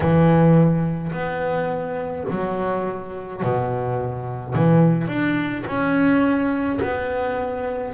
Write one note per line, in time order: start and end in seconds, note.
0.00 1.11 E3
1.12 2.25 B3
2.30 3.42 F#3
3.42 4.54 B2
4.54 5.07 E3
5.07 5.64 D4
5.66 6.79 C#4
6.81 7.93 B3